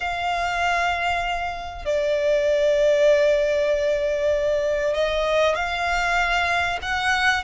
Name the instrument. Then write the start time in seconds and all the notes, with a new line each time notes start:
violin
0.00 F5
1.85 D5
4.93 D#5
5.55 F5
6.82 F#5